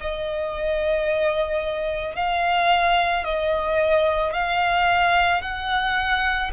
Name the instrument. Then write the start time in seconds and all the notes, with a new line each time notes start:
violin
0.00 D#5
2.15 F5
3.24 D#5
4.33 F5
5.41 F#5